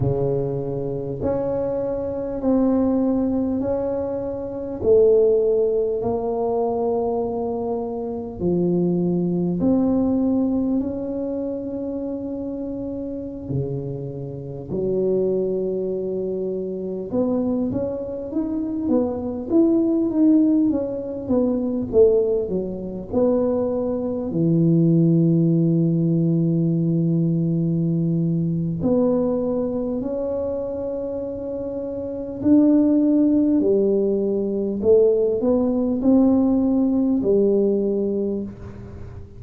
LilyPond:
\new Staff \with { instrumentName = "tuba" } { \time 4/4 \tempo 4 = 50 cis4 cis'4 c'4 cis'4 | a4 ais2 f4 | c'4 cis'2~ cis'16 cis8.~ | cis16 fis2 b8 cis'8 dis'8 b16~ |
b16 e'8 dis'8 cis'8 b8 a8 fis8 b8.~ | b16 e2.~ e8. | b4 cis'2 d'4 | g4 a8 b8 c'4 g4 | }